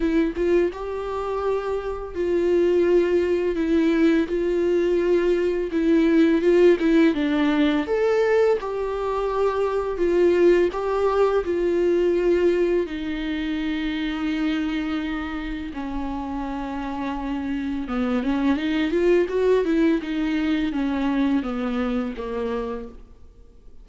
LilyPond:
\new Staff \with { instrumentName = "viola" } { \time 4/4 \tempo 4 = 84 e'8 f'8 g'2 f'4~ | f'4 e'4 f'2 | e'4 f'8 e'8 d'4 a'4 | g'2 f'4 g'4 |
f'2 dis'2~ | dis'2 cis'2~ | cis'4 b8 cis'8 dis'8 f'8 fis'8 e'8 | dis'4 cis'4 b4 ais4 | }